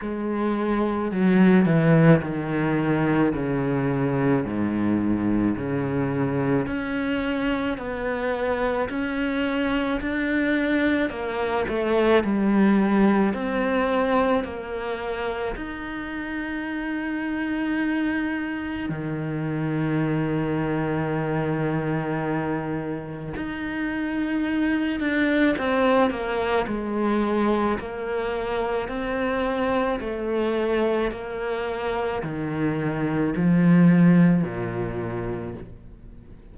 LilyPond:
\new Staff \with { instrumentName = "cello" } { \time 4/4 \tempo 4 = 54 gis4 fis8 e8 dis4 cis4 | gis,4 cis4 cis'4 b4 | cis'4 d'4 ais8 a8 g4 | c'4 ais4 dis'2~ |
dis'4 dis2.~ | dis4 dis'4. d'8 c'8 ais8 | gis4 ais4 c'4 a4 | ais4 dis4 f4 ais,4 | }